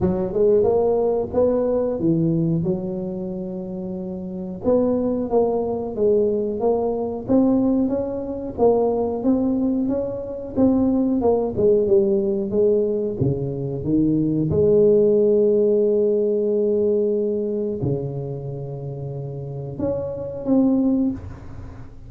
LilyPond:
\new Staff \with { instrumentName = "tuba" } { \time 4/4 \tempo 4 = 91 fis8 gis8 ais4 b4 e4 | fis2. b4 | ais4 gis4 ais4 c'4 | cis'4 ais4 c'4 cis'4 |
c'4 ais8 gis8 g4 gis4 | cis4 dis4 gis2~ | gis2. cis4~ | cis2 cis'4 c'4 | }